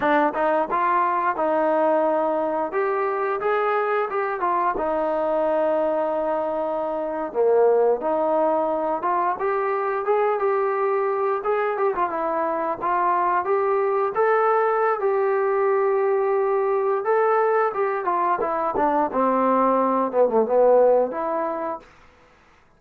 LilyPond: \new Staff \with { instrumentName = "trombone" } { \time 4/4 \tempo 4 = 88 d'8 dis'8 f'4 dis'2 | g'4 gis'4 g'8 f'8 dis'4~ | dis'2~ dis'8. ais4 dis'16~ | dis'4~ dis'16 f'8 g'4 gis'8 g'8.~ |
g'8. gis'8 g'16 f'16 e'4 f'4 g'16~ | g'8. a'4~ a'16 g'2~ | g'4 a'4 g'8 f'8 e'8 d'8 | c'4. b16 a16 b4 e'4 | }